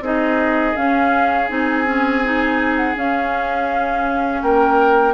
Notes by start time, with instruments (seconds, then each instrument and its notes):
0.00 bassoon C4, clarinet D#4, oboe G#4, flute D#5
0.75 clarinet C#4, bassoon C#4, flute F5
1.48 bassoon C4, clarinet D#4, flute G#5
1.85 clarinet C#4
2.24 clarinet D#4
2.76 flute F#5
2.95 clarinet C#4, bassoon C#4, flute F5
4.41 bassoon A#3, oboe A#4, flute G5